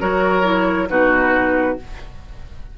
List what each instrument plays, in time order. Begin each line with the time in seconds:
0.00 bassoon F#3, clarinet F#4, oboe A#4, flute C#5
0.43 clarinet E4
0.88 bassoon B2, clarinet D#4, oboe F#4, flute B4